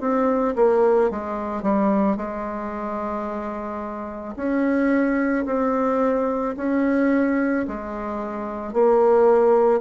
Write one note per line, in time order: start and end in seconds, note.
0.00 0.55 C4
0.56 1.10 A#3
1.10 1.62 G#3
1.62 2.16 G3
2.16 4.34 G#3
4.36 5.45 C#4
5.45 6.55 C4
6.57 7.66 C#4
7.67 8.73 G#3
8.73 9.80 A#3